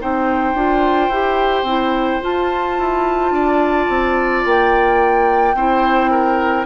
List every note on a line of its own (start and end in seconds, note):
0.00 0.54 C4
0.00 0.56 D#4
0.00 3.33 C5
0.00 2.23 G5
0.54 1.09 D4
0.54 1.11 F4
1.09 1.62 E4
1.09 1.67 G4
1.62 2.18 C4
1.62 2.21 E4
2.21 5.54 F4
2.21 2.79 F4
2.21 4.45 A5
2.79 3.31 E4
3.31 3.86 D4
3.31 5.56 D5
3.89 4.44 C4
4.45 5.54 A#3
4.45 6.66 G5
5.54 6.66 C4
5.54 6.66 E4
5.54 6.11 C5
6.11 6.66 A#4